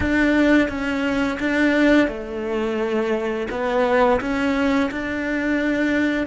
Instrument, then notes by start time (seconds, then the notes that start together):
cello
0.00 D4
0.68 C#4
1.39 D4
2.07 A3
3.50 B3
4.21 C#4
4.91 D4